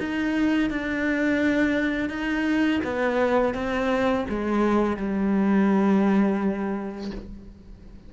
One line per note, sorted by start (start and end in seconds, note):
0.00 0.71 D#4
0.71 2.10 D4
2.10 2.81 D#4
2.84 3.55 B3
3.55 4.26 C4
4.30 4.97 G#3
4.97 7.11 G3